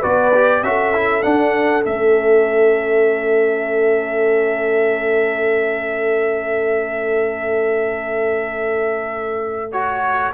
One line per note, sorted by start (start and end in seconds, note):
0.00 0.63 B3
0.00 0.33 F#4
0.00 0.61 B4
0.00 0.64 D5
0.35 0.65 G4
0.63 1.24 C#4
0.63 0.94 F#4
0.63 10.34 A4
0.63 1.23 E5
0.94 1.23 E4
1.23 1.83 D4
1.23 1.86 D4
1.23 1.84 F#5
1.83 10.34 A3
1.83 9.71 C#4
1.83 9.72 E5
9.72 10.34 F#4
9.72 10.33 C#5